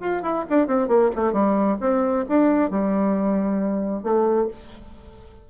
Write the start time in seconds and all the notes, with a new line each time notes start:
0.00 F4
0.22 E4
0.49 D4
0.67 C4
0.88 A#3
1.16 A3
1.33 G3
1.81 C4
2.29 D4
2.70 G3
4.03 A3